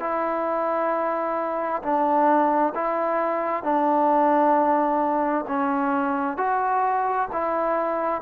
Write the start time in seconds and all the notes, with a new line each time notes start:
0.00 E4
1.82 D4
2.75 E4
3.63 D4
5.48 C#4
6.37 F#4
7.33 E4